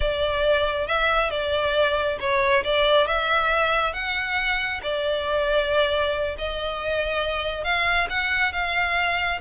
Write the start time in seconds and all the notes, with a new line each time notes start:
0.00 D5
0.87 E5
1.30 D5
2.19 C#5
2.63 D5
3.07 E5
3.93 F#5
4.82 D5
6.38 D#5
7.64 F5
8.09 F#5
8.52 F5